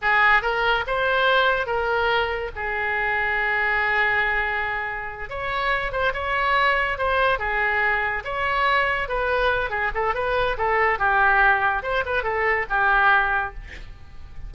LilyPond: \new Staff \with { instrumentName = "oboe" } { \time 4/4 \tempo 4 = 142 gis'4 ais'4 c''2 | ais'2 gis'2~ | gis'1~ | gis'8 cis''4. c''8 cis''4.~ |
cis''8 c''4 gis'2 cis''8~ | cis''4. b'4. gis'8 a'8 | b'4 a'4 g'2 | c''8 b'8 a'4 g'2 | }